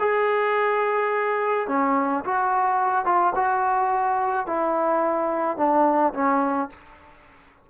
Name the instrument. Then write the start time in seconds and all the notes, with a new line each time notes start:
trombone
0.00 G#4
1.68 C#4
2.25 F#4
3.06 F4
3.36 F#4
4.47 E4
5.57 D4
6.14 C#4